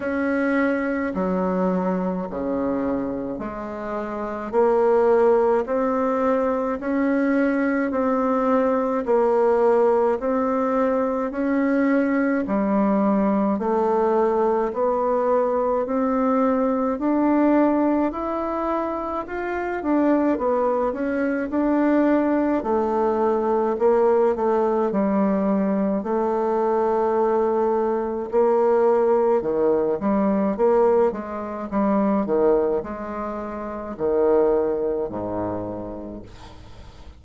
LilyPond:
\new Staff \with { instrumentName = "bassoon" } { \time 4/4 \tempo 4 = 53 cis'4 fis4 cis4 gis4 | ais4 c'4 cis'4 c'4 | ais4 c'4 cis'4 g4 | a4 b4 c'4 d'4 |
e'4 f'8 d'8 b8 cis'8 d'4 | a4 ais8 a8 g4 a4~ | a4 ais4 dis8 g8 ais8 gis8 | g8 dis8 gis4 dis4 gis,4 | }